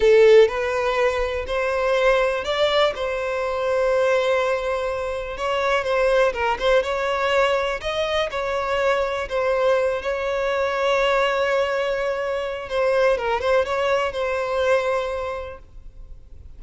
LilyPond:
\new Staff \with { instrumentName = "violin" } { \time 4/4 \tempo 4 = 123 a'4 b'2 c''4~ | c''4 d''4 c''2~ | c''2. cis''4 | c''4 ais'8 c''8 cis''2 |
dis''4 cis''2 c''4~ | c''8 cis''2.~ cis''8~ | cis''2 c''4 ais'8 c''8 | cis''4 c''2. | }